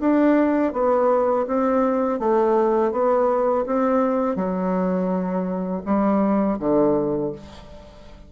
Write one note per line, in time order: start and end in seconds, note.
0.00 0.73 D4
0.73 1.46 B3
1.47 2.19 C4
2.19 2.92 A3
2.92 3.65 B3
3.66 4.36 C4
4.36 5.82 F#3
5.85 6.58 G3
6.59 7.32 D3